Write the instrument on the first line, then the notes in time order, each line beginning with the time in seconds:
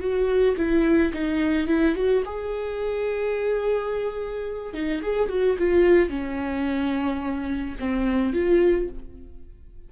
viola
0.00 F#4
0.57 E4
1.13 D#4
1.67 E4
1.95 F#4
2.25 G#4
4.74 D#4
5.02 G#4
5.29 F#4
5.58 F4
6.09 C#4
7.80 C4
8.33 F4